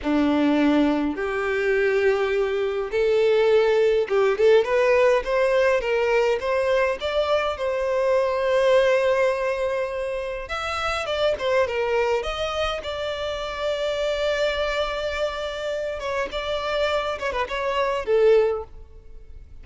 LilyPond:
\new Staff \with { instrumentName = "violin" } { \time 4/4 \tempo 4 = 103 d'2 g'2~ | g'4 a'2 g'8 a'8 | b'4 c''4 ais'4 c''4 | d''4 c''2.~ |
c''2 e''4 d''8 c''8 | ais'4 dis''4 d''2~ | d''2.~ d''8 cis''8 | d''4. cis''16 b'16 cis''4 a'4 | }